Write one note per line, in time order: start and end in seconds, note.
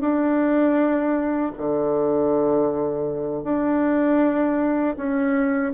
0.00 1.52 D4
1.57 3.43 D3
3.43 4.95 D4
4.96 5.72 C#4